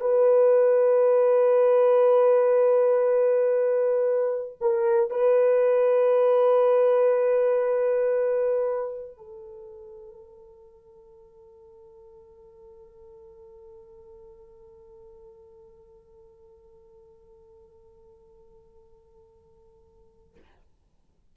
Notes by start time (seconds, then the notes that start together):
0.00 B4
4.60 A#4
5.10 B4
9.17 A4